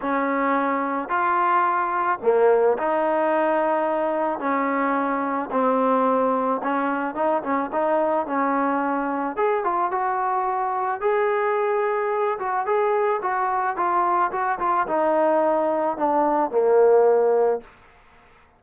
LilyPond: \new Staff \with { instrumentName = "trombone" } { \time 4/4 \tempo 4 = 109 cis'2 f'2 | ais4 dis'2. | cis'2 c'2 | cis'4 dis'8 cis'8 dis'4 cis'4~ |
cis'4 gis'8 f'8 fis'2 | gis'2~ gis'8 fis'8 gis'4 | fis'4 f'4 fis'8 f'8 dis'4~ | dis'4 d'4 ais2 | }